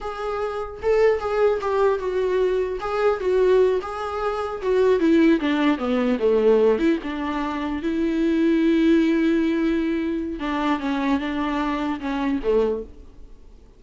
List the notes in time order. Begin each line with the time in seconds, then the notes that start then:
0.00 G#4
0.82 A4
1.19 G#4
1.61 G4
1.98 F#4
2.80 G#4
3.20 F#4
3.81 G#4
4.62 F#4
4.99 E4
5.40 D4
5.77 B3
6.19 A3
6.78 E4
7.03 D4
7.82 E4
10.39 D4
10.79 C#4
11.19 D4
11.99 C#4
12.43 A3